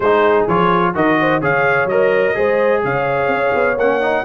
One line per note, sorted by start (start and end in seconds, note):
0.00 0.44 G#3
0.00 0.48 D#4
0.00 0.93 G#4
0.00 0.46 C5
0.47 0.94 F3
0.47 0.94 F4
0.47 0.95 C#5
0.94 1.42 D#3
0.94 1.41 F#4
0.94 1.19 A#4
0.94 1.43 D#5
1.20 1.41 C5
1.41 1.85 C#3
1.41 1.89 G#4
1.41 2.35 C#5
1.41 1.88 F5
1.85 2.32 F#3
1.85 2.35 A#4
1.85 2.82 D#5
2.35 2.84 G#3
2.35 3.76 G#4
2.35 2.83 C5
2.84 3.28 C#3
2.84 4.24 C#5
2.84 3.78 F5
3.28 3.51 C#4
3.54 3.76 B3
3.76 4.24 A#3
3.76 4.00 C#4
3.76 4.24 F#5
4.00 4.24 D#4